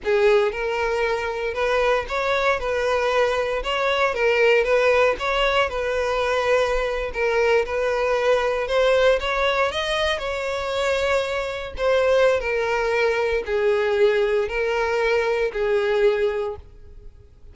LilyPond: \new Staff \with { instrumentName = "violin" } { \time 4/4 \tempo 4 = 116 gis'4 ais'2 b'4 | cis''4 b'2 cis''4 | ais'4 b'4 cis''4 b'4~ | b'4.~ b'16 ais'4 b'4~ b'16~ |
b'8. c''4 cis''4 dis''4 cis''16~ | cis''2~ cis''8. c''4~ c''16 | ais'2 gis'2 | ais'2 gis'2 | }